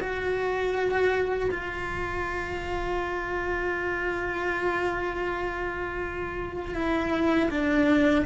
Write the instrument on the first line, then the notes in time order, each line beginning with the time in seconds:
cello
0.00 F#4
1.51 F4
6.74 E4
7.50 D4